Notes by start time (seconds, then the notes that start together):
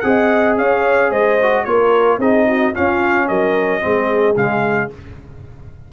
0.00 C4 G#4 F#5
0.07 D#5
0.57 C#4 C#5 F5
1.10 G#3 C5 D#5
1.42 F#4
1.64 A#3 F4 A#4 C#5
2.18 C4 D#4 G#4 D#5
2.48 F#4
2.74 C#4 F4 F5
3.28 F#3 A#4 D#5
3.81 G#3 C4 G#4
4.36 C#3 G#3 F5